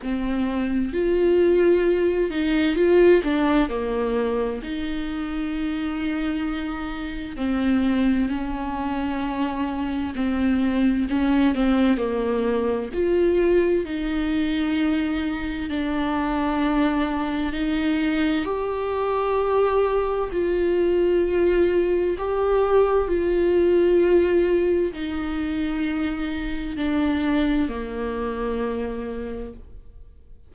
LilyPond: \new Staff \with { instrumentName = "viola" } { \time 4/4 \tempo 4 = 65 c'4 f'4. dis'8 f'8 d'8 | ais4 dis'2. | c'4 cis'2 c'4 | cis'8 c'8 ais4 f'4 dis'4~ |
dis'4 d'2 dis'4 | g'2 f'2 | g'4 f'2 dis'4~ | dis'4 d'4 ais2 | }